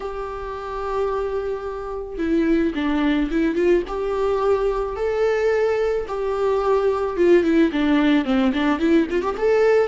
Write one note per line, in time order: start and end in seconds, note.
0.00 2.18 G4
2.18 2.73 E4
2.74 3.30 D4
3.31 3.55 E4
3.55 3.82 F4
3.87 4.96 G4
4.96 6.06 A4
6.08 7.16 G4
7.16 7.43 F4
7.43 7.71 E4
7.72 8.24 D4
8.24 8.52 C4
8.53 8.79 D4
8.79 9.07 E4
9.10 9.22 F4
9.22 9.35 G4
9.37 9.87 A4